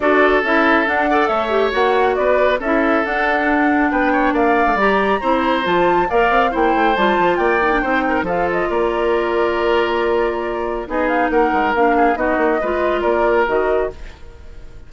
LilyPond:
<<
  \new Staff \with { instrumentName = "flute" } { \time 4/4 \tempo 4 = 138 d''4 e''4 fis''4 e''4 | fis''4 d''4 e''4 fis''4~ | fis''4 g''4 f''4 ais''4~ | ais''4 a''4 f''4 g''4 |
a''4 g''2 f''8 dis''8 | d''1~ | d''4 dis''8 f''8 fis''4 f''4 | dis''2 d''4 dis''4 | }
  \new Staff \with { instrumentName = "oboe" } { \time 4/4 a'2~ a'8 d''8 cis''4~ | cis''4 b'4 a'2~ | a'4 b'8 cis''8 d''2 | c''2 d''4 c''4~ |
c''4 d''4 c''8 ais'8 a'4 | ais'1~ | ais'4 gis'4 ais'4. gis'8 | fis'4 b'4 ais'2 | }
  \new Staff \with { instrumentName = "clarinet" } { \time 4/4 fis'4 e'4 d'8 a'4 g'8 | fis'2 e'4 d'4~ | d'2. g'4 | e'4 f'4 ais'4 e'4 |
f'4. dis'16 d'16 dis'4 f'4~ | f'1~ | f'4 dis'2 d'4 | dis'4 f'2 fis'4 | }
  \new Staff \with { instrumentName = "bassoon" } { \time 4/4 d'4 cis'4 d'4 a4 | ais4 b4 cis'4 d'4~ | d'4 b4 ais8. a16 g4 | c'4 f4 ais8 c'8 ais8 a8 |
g8 f8 ais4 c'4 f4 | ais1~ | ais4 b4 ais8 gis8 ais4 | b8 ais8 gis4 ais4 dis4 | }
>>